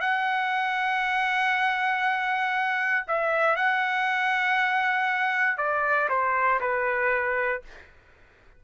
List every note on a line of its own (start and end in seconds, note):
0.00 3.05 F#5
3.07 3.55 E5
3.55 5.57 F#5
5.57 6.08 D5
6.09 6.60 C5
6.60 7.62 B4